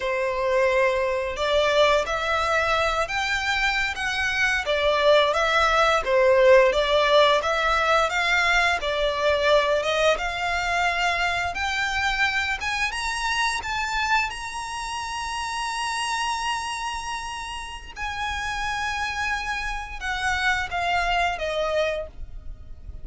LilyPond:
\new Staff \with { instrumentName = "violin" } { \time 4/4 \tempo 4 = 87 c''2 d''4 e''4~ | e''8 g''4~ g''16 fis''4 d''4 e''16~ | e''8. c''4 d''4 e''4 f''16~ | f''8. d''4. dis''8 f''4~ f''16~ |
f''8. g''4. gis''8 ais''4 a''16~ | a''8. ais''2.~ ais''16~ | ais''2 gis''2~ | gis''4 fis''4 f''4 dis''4 | }